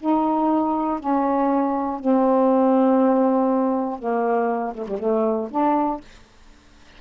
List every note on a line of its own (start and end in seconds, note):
0.00 1.00 D#4
1.00 2.00 C#4
2.00 3.99 C4
3.99 4.74 A#3
4.75 4.87 A3
4.88 5.00 G3
5.00 5.50 A3
5.51 6.01 D4